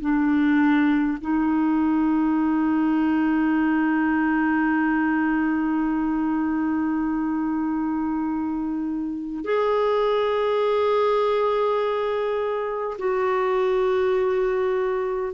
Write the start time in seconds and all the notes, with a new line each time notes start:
0.00 D4
1.20 D#4
9.44 G#4
12.98 F#4